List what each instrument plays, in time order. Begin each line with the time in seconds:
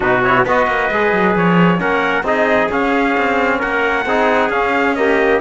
0.00 cello B2, trombone D#4, trumpet F#4 B4
0.23 trombone E4, trumpet C#5
0.44 cello B3, trombone F#4, trumpet B4 D#5
0.66 cello A#3
0.91 cello G#3, trombone G#4
1.12 cello F#3
1.35 cello F3, trumpet C#5
1.78 cello A#3, trombone C#4, trumpet A#4 F#5
2.22 cello C4, trombone D#4, trumpet G#4 D#5
2.70 trombone C#4, cello C#4, trumpet F5
3.17 cello C4
3.58 cello A#3, trumpet A#4 F#5
4.05 cello C4, trombone D#4, trumpet G#4
4.49 cello C#4, trombone C#4, trumpet F5
4.95 trombone A#3, trumpet G4 D#5